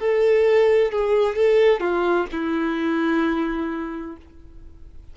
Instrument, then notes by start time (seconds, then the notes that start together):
violin
0.00 A4
0.92 G#4
1.36 A4
1.80 F4
2.32 E4